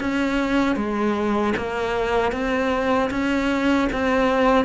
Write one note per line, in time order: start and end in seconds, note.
0.00 0.76 C#4
0.76 1.54 G#3
1.57 2.32 A#3
2.32 3.10 C4
3.11 3.89 C#4
3.92 4.65 C4